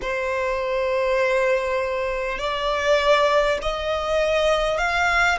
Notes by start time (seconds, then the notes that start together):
0.01 C5
2.38 D5
3.62 D#5
4.78 F5